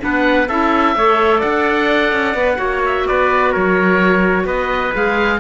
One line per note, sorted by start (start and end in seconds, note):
0.00 0.49 B3
0.00 0.47 D4
0.00 0.49 B4
0.00 0.48 F#5
0.48 0.96 C#4
0.48 0.97 E4
0.48 0.95 A4
0.48 1.41 E5
0.96 1.42 A3
0.96 2.36 A4
0.96 1.38 C#5
1.38 2.12 D4
1.38 2.56 D5
1.38 2.82 F#5
2.12 2.34 C#4
2.34 2.58 B3
2.34 2.57 B4
2.57 3.05 A#3
2.57 4.91 F#4
2.57 3.05 C#5
2.86 3.07 E5
3.07 3.56 B3
3.07 3.52 B4
3.07 3.54 D5
3.52 4.45 F#3
3.52 4.46 A#4
3.52 4.47 C#5
4.45 4.91 B3
4.45 5.40 B4
4.45 4.94 D#5
4.94 5.40 G#3
4.94 5.40 G#4
4.94 5.40 F5